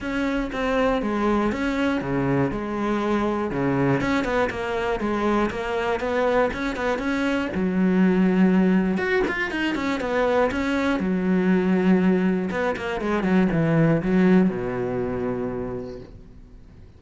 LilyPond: \new Staff \with { instrumentName = "cello" } { \time 4/4 \tempo 4 = 120 cis'4 c'4 gis4 cis'4 | cis4 gis2 cis4 | cis'8 b8 ais4 gis4 ais4 | b4 cis'8 b8 cis'4 fis4~ |
fis2 fis'8 f'8 dis'8 cis'8 | b4 cis'4 fis2~ | fis4 b8 ais8 gis8 fis8 e4 | fis4 b,2. | }